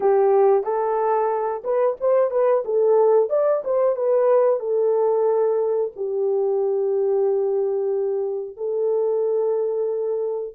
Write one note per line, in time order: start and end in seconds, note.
0.00 0.63 G4
0.63 1.62 A4
1.64 1.97 B4
2.00 2.30 C5
2.30 2.63 B4
2.65 3.29 A4
3.29 3.62 D5
3.64 3.96 C5
3.96 4.59 B4
4.59 5.91 A4
5.96 8.57 G4
8.57 10.54 A4